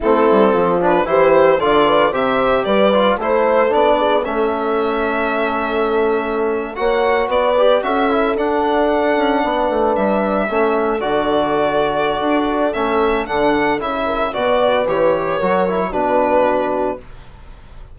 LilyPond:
<<
  \new Staff \with { instrumentName = "violin" } { \time 4/4 \tempo 4 = 113 a'4. b'8 c''4 d''4 | e''4 d''4 c''4 d''4 | e''1~ | e''8. fis''4 d''4 e''4 fis''16~ |
fis''2~ fis''8. e''4~ e''16~ | e''8. d''2.~ d''16 | e''4 fis''4 e''4 d''4 | cis''2 b'2 | }
  \new Staff \with { instrumentName = "horn" } { \time 4/4 e'4 f'4 g'4 a'8 b'8 | c''4 b'4 a'4. gis'8 | a'1~ | a'8. cis''4 b'4 a'4~ a'16~ |
a'4.~ a'16 b'2 a'16~ | a'1~ | a'2~ a'8 ais'8 b'4~ | b'4 ais'4 fis'2 | }
  \new Staff \with { instrumentName = "trombone" } { \time 4/4 c'4. d'8 e'4 f'4 | g'4. f'8 e'4 d'4 | cis'1~ | cis'8. fis'4. g'8 fis'8 e'8 d'16~ |
d'2.~ d'8. cis'16~ | cis'8. fis'2.~ fis'16 | cis'4 d'4 e'4 fis'4 | g'4 fis'8 e'8 d'2 | }
  \new Staff \with { instrumentName = "bassoon" } { \time 4/4 a8 g8 f4 e4 d4 | c4 g4 a4 b4 | a1~ | a8. ais4 b4 cis'4 d'16~ |
d'4~ d'16 cis'8 b8 a8 g4 a16~ | a8. d2~ d16 d'4 | a4 d4 cis4 b,4 | e4 fis4 b,2 | }
>>